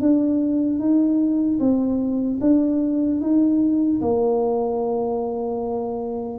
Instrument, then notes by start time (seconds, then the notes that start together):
tuba
0.00 D4
0.79 D#4
1.59 C4
2.40 D4
3.20 D#4
4.01 A#3